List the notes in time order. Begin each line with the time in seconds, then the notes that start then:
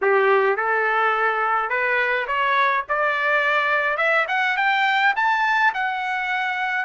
0.01 G4
0.56 A4
1.69 B4
2.27 C#5
2.89 D5
3.97 E5
4.28 F#5
4.56 G5
5.16 A5
5.74 F#5